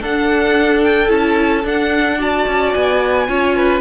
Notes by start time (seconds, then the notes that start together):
0.00 D4 A4 F#5
0.84 G5
1.08 C#4 E4 A5
1.64 D4 F#5
2.17 F#4 D5 A5
2.47 C#4
2.74 B3 G#5
3.27 C#4 F4 C#5
3.56 B4